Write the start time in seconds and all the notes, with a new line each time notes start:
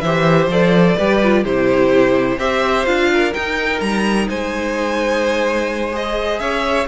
0.00 E3 G4 C5 E5
0.47 F3 A4 D5
0.97 G3 G4 B4
1.22 F4
1.43 C3 E4 G4 C5
2.38 C4 G4 C5 E5
2.85 D4 F4 F5
3.12 A#4
3.33 D#4 G5
3.80 G3 A#5
4.28 G#3 C5 G#5
5.91 G#4 D#5
6.39 C#4 C#5 E5